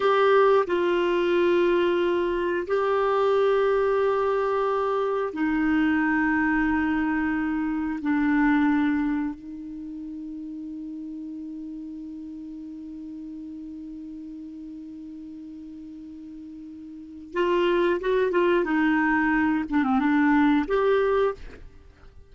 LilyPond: \new Staff \with { instrumentName = "clarinet" } { \time 4/4 \tempo 4 = 90 g'4 f'2. | g'1 | dis'1 | d'2 dis'2~ |
dis'1~ | dis'1~ | dis'2 f'4 fis'8 f'8 | dis'4. d'16 c'16 d'4 g'4 | }